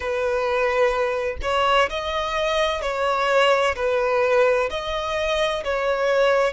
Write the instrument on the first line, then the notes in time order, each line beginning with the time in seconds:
violin
0.00 B4
1.42 C#5
1.89 D#5
2.81 C#5
3.75 B4
4.70 D#5
5.64 C#5